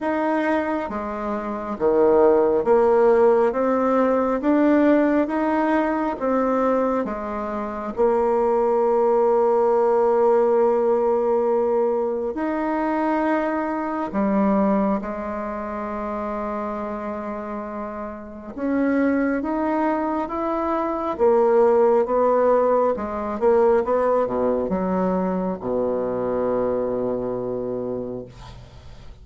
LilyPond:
\new Staff \with { instrumentName = "bassoon" } { \time 4/4 \tempo 4 = 68 dis'4 gis4 dis4 ais4 | c'4 d'4 dis'4 c'4 | gis4 ais2.~ | ais2 dis'2 |
g4 gis2.~ | gis4 cis'4 dis'4 e'4 | ais4 b4 gis8 ais8 b8 b,8 | fis4 b,2. | }